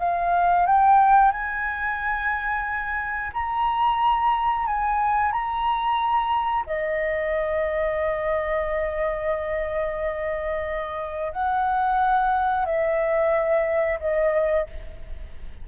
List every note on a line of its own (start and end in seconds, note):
0.00 0.67 F5
0.67 1.32 G5
1.32 3.32 G#5
3.34 4.67 A#5
4.67 5.32 G#5
5.32 6.65 A#5
6.67 11.33 D#5
11.33 12.66 F#5
12.66 13.99 E5
14.00 14.67 D#5